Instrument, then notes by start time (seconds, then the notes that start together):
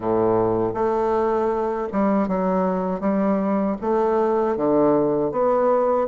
bassoon
0.00 A2
0.74 A3
1.92 G3
2.28 F#3
3.00 G3
3.81 A3
4.56 D3
5.31 B3